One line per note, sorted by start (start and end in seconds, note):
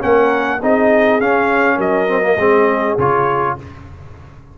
0.00 0.61 A#3
0.00 0.59 C#4
0.00 0.61 A#4
0.00 0.61 F#5
0.61 1.20 C4
0.61 1.20 D#4
0.61 1.75 G#4
0.61 1.21 D#5
1.20 2.08 C#4
1.20 1.78 C#4
1.20 1.80 F5
1.75 2.37 F#3
1.75 2.34 A#4
1.75 2.98 D#5
2.08 2.22 C4
2.22 2.37 A#3
2.37 2.96 G#3
2.37 2.98 C4
2.37 3.57 G#4
2.98 3.56 C#3
2.98 3.58 F4
2.98 3.58 C#5